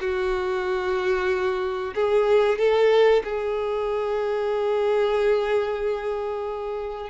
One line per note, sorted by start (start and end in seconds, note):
0.00 1.94 F#4
1.95 2.58 G#4
2.58 3.22 A4
3.24 7.10 G#4